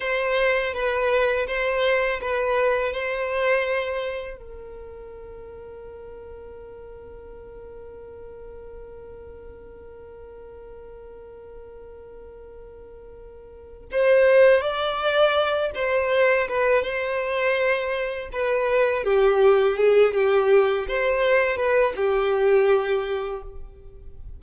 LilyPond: \new Staff \with { instrumentName = "violin" } { \time 4/4 \tempo 4 = 82 c''4 b'4 c''4 b'4 | c''2 ais'2~ | ais'1~ | ais'1~ |
ais'2. c''4 | d''4. c''4 b'8 c''4~ | c''4 b'4 g'4 gis'8 g'8~ | g'8 c''4 b'8 g'2 | }